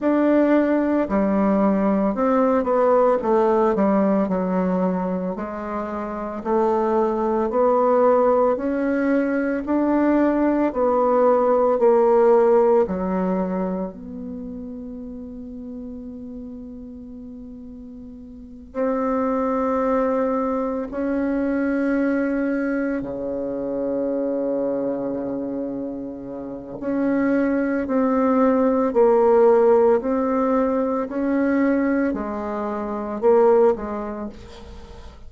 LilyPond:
\new Staff \with { instrumentName = "bassoon" } { \time 4/4 \tempo 4 = 56 d'4 g4 c'8 b8 a8 g8 | fis4 gis4 a4 b4 | cis'4 d'4 b4 ais4 | fis4 b2.~ |
b4. c'2 cis'8~ | cis'4. cis2~ cis8~ | cis4 cis'4 c'4 ais4 | c'4 cis'4 gis4 ais8 gis8 | }